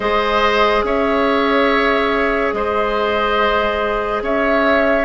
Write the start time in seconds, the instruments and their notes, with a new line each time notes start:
0.00 bassoon G#3, clarinet G#4, oboe C5, flute D#5
0.83 bassoon C#4, oboe C#5, flute E5
2.52 bassoon G#3, oboe C5, flute D#5
4.21 bassoon C#4, oboe C#5, flute E5